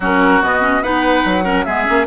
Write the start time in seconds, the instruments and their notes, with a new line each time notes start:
0.00 bassoon F#3, clarinet C#4, oboe F#4, flute A#4
0.42 bassoon B2, clarinet B3, flute D#5
0.61 clarinet C#4
0.82 bassoon B3, clarinet D#4, oboe B4, flute F#5
1.24 bassoon F#3
1.44 clarinet C#4, oboe A#4
1.64 bassoon G#3, clarinet B3, oboe G#4, flute E5
1.84 bassoon A#3, clarinet C#4